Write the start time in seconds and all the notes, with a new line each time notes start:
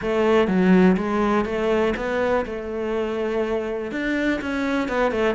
0.01 A3
0.47 F#3
0.96 G#3
1.45 A3
1.96 B3
2.45 A3
3.91 D4
4.41 C#4
4.88 B3
5.11 A3